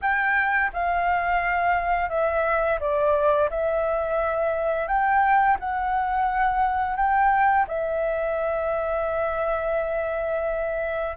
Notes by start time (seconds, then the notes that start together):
0.01 G5
0.73 F5
2.09 E5
2.79 D5
3.50 E5
4.87 G5
5.59 F#5
6.96 G5
7.67 E5